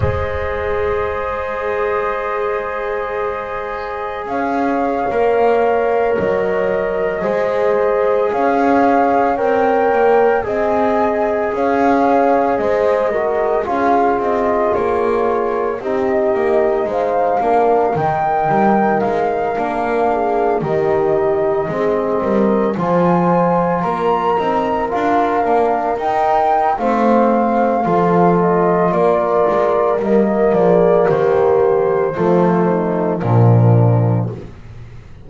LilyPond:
<<
  \new Staff \with { instrumentName = "flute" } { \time 4/4 \tempo 4 = 56 dis''1 | f''4.~ f''16 dis''2 f''16~ | f''8. g''4 gis''4 f''4 dis''16~ | dis''8. f''8 dis''8 cis''4 dis''4 f''16~ |
f''8. g''4 f''4. dis''8.~ | dis''4~ dis''16 gis''4 ais''4 f''8.~ | f''16 g''8. f''4. dis''8 d''4 | dis''8 d''8 c''2 ais'4 | }
  \new Staff \with { instrumentName = "horn" } { \time 4/4 c''1 | cis''2~ cis''8. c''4 cis''16~ | cis''4.~ cis''16 dis''4 cis''4 c''16~ | c''16 ais'8 gis'2 g'4 c''16~ |
c''16 ais'2~ ais'8 gis'8 g'8.~ | g'16 gis'8 ais'8 c''4 ais'4.~ ais'16~ | ais'4 c''4 a'4 ais'4~ | ais'8 gis'8 g'4 f'8 dis'8 d'4 | }
  \new Staff \with { instrumentName = "trombone" } { \time 4/4 gis'1~ | gis'8. ais'2 gis'4~ gis'16~ | gis'8. ais'4 gis'2~ gis'16~ | gis'16 fis'8 f'2 dis'4~ dis'16~ |
dis'16 d'8 dis'4. d'4 dis'8.~ | dis'16 c'4 f'4. dis'8 f'8 d'16~ | d'16 dis'8. c'4 f'2 | ais2 a4 f4 | }
  \new Staff \with { instrumentName = "double bass" } { \time 4/4 gis1 | cis'8. ais4 fis4 gis4 cis'16~ | cis'8. c'8 ais8 c'4 cis'4 gis16~ | gis8. cis'8 c'8 ais4 c'8 ais8 gis16~ |
gis16 ais8 dis8 g8 gis8 ais4 dis8.~ | dis16 gis8 g8 f4 ais8 c'8 d'8 ais16~ | ais16 dis'8. a4 f4 ais8 gis8 | g8 f8 dis4 f4 ais,4 | }
>>